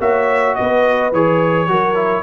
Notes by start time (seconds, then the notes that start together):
0.00 A#3 F#4 C#5 E5
0.55 B3 B4 D#5
1.12 E3 G#4 C#5
1.68 F#3 F#4 A#4
1.95 E4